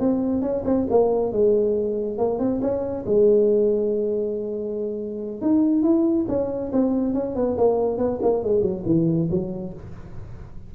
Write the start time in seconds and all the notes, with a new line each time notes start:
0.00 C4
0.42 C#4
0.65 C4
0.90 A#3
1.33 G#3
2.18 A#3
2.39 C4
2.62 C#4
3.06 G#3
5.42 D#4
5.83 E4
6.29 C#4
6.72 C4
7.14 C#4
7.36 B3
7.58 A#3
7.98 B3
8.22 A#3
8.44 G#3
8.62 F#3
8.86 E3
9.31 F#3